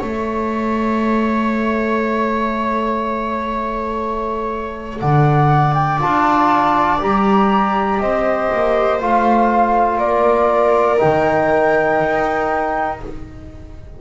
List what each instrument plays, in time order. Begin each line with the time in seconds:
0.00 double bass A3, trombone A4, viola C#5, flute E5
4.99 double bass D3, viola D5, flute F#5
5.74 flute G5
5.99 double bass D4, trombone F4, flute A5
7.00 double bass G3, trombone G4, flute A#5
8.01 double bass C4, viola C5, flute D#5
8.53 double bass A#3
9.01 double bass A3, trombone F4, flute F5
9.98 double bass A#3, viola A#4, flute D5
10.98 double bass D#3, trombone D#4, flute G5
12.01 double bass D#4